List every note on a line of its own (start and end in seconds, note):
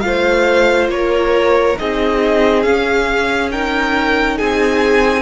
0.00 0.88 A3
0.00 1.76 F4
0.00 0.93 C5
0.00 0.87 F5
0.88 1.75 A#3
0.88 1.80 A#4
0.88 1.78 C#5
1.78 2.66 C4
1.78 2.64 D#4
1.78 3.52 G#4
1.78 2.62 D#5
2.62 3.51 C#4
2.62 4.39 C#4
2.62 3.49 F5
3.51 5.22 D#4
3.51 4.38 A#4
3.51 4.38 G5
4.38 5.22 C4
4.38 5.22 G#4
4.38 5.22 G#5